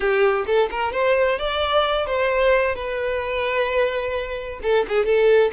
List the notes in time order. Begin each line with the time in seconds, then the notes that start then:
0.00 G4
0.46 A4
0.70 A#4
0.92 C5
1.38 D5
2.06 C5
2.75 B4
4.62 A4
4.88 G#4
5.05 A4